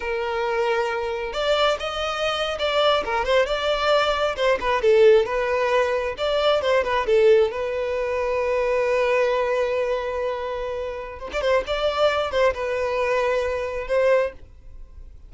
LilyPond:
\new Staff \with { instrumentName = "violin" } { \time 4/4 \tempo 4 = 134 ais'2. d''4 | dis''4.~ dis''16 d''4 ais'8 c''8 d''16~ | d''4.~ d''16 c''8 b'8 a'4 b'16~ | b'4.~ b'16 d''4 c''8 b'8 a'16~ |
a'8. b'2.~ b'16~ | b'1~ | b'4 c''16 d''16 c''8 d''4. c''8 | b'2. c''4 | }